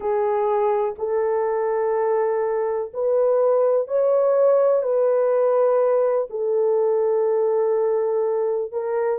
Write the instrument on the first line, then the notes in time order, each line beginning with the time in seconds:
horn
0.00 G#4
0.98 A4
2.93 B4
3.87 C#5
4.83 B4
6.29 A4
8.72 A#4